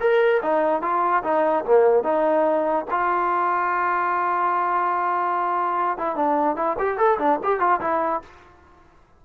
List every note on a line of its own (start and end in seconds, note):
0.00 0.41 A#4
0.42 0.81 D#4
0.81 1.23 F4
1.23 1.64 D#4
1.65 2.03 A#3
2.03 2.85 D#4
2.90 5.97 F4
5.97 6.16 E4
6.16 6.56 D4
6.56 6.76 E4
6.78 6.97 G4
6.97 7.18 A4
7.18 7.39 D4
7.43 7.59 G4
7.59 7.80 F4
7.80 8.22 E4